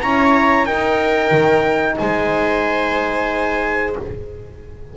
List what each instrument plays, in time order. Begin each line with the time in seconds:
0.00 double bass C#4, horn E4, viola C#5, trumpet A#5
0.65 double bass D#4, horn D#4, viola A#4, trumpet G5
1.31 double bass D#3
1.97 double bass G#3, viola C5, trumpet G#5